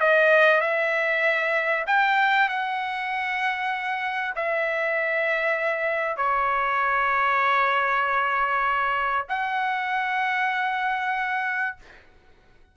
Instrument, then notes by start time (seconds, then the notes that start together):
trumpet
0.00 D#5
0.61 E5
1.87 G5
2.49 F#5
4.36 E5
6.17 C#5
9.29 F#5